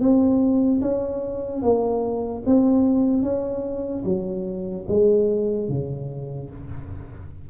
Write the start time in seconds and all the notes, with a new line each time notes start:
0.00 C4
0.81 C#4
1.62 A#3
2.46 C4
3.22 C#4
4.05 F#3
4.88 G#3
5.69 C#3